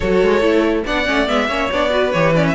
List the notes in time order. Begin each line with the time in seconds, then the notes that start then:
0.00 F#3 F#4 A4 C#5
0.22 G#3
0.41 A3 E4
0.85 B3 D4 D5 F#5
1.05 A3 C#4
1.27 G#3 B3 E5
1.48 A#3 C#4 C#5
1.71 B3 D4 D5
1.90 F#4 B4
2.11 E3 G4 C#5
2.35 C#4 D5
2.47 E5